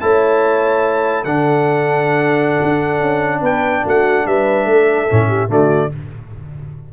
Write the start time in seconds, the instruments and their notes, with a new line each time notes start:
0.00 tuba A3, trombone E4, horn C#5, trumpet A5
1.24 tuba D3, trombone D4, horn A4, trumpet F#5
2.62 tuba D4
3.00 tuba C#4
3.41 tuba B3, horn B4, trumpet G5
3.84 tuba A3, horn F#4, trumpet F#5
4.26 tuba G3, horn B4, trumpet E5
4.66 tuba A3, horn A4
5.09 tuba A2, trombone C#4
5.28 horn G4
5.48 tuba D3, trombone A3, horn F#4, trumpet D5